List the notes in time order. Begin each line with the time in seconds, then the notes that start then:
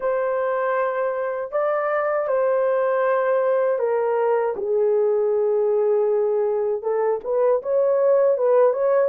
0.00 C5
1.51 D5
2.28 C5
3.78 A#4
4.56 G#4
6.82 A4
7.24 B4
7.62 C#5
8.37 B4
8.73 C#5